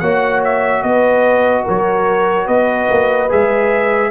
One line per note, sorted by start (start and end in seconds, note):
0.00 0.83 A#3
0.00 3.30 F#4
0.00 0.84 C#5
0.00 0.41 F#5
0.45 0.83 E5
0.83 1.66 B3
0.83 1.65 B4
0.83 1.65 D#5
1.65 2.48 F#3
1.65 2.46 A#4
1.65 2.48 C#5
2.46 2.89 B3
2.46 4.10 B4
2.46 3.30 D#5
2.90 3.32 A#3
3.30 4.12 G#3
3.30 4.12 G#4
3.30 4.12 E5